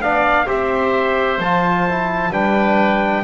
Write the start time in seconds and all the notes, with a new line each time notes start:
0.00 B3 D4 D5 F5
0.46 C4 G4 C5 E5
1.38 F3 F4 A5
1.89 E4
2.31 G3 D4 B4 G5